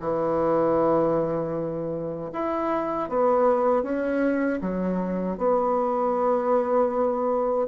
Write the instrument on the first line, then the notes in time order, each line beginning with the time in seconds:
bassoon
0.00 E3
2.33 E4
3.09 B3
3.83 C#4
4.61 F#3
5.37 B3